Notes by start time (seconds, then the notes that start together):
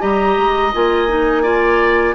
0.00 G3 G4 D#5 A#5
0.37 G#3
0.74 A#3 F4 G#5
1.08 D#4
1.43 F4 D5